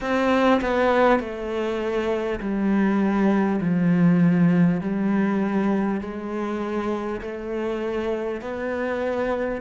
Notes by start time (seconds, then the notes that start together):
0.00 C4
0.61 B3
1.19 A3
2.39 G3
3.61 F3
4.81 G3
6.00 G#3
7.21 A3
8.41 B3